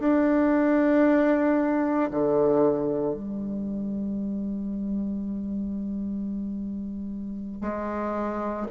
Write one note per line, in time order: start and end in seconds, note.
0.00 2.11 D4
2.11 3.14 D3
3.14 7.61 G3
7.61 8.67 G#3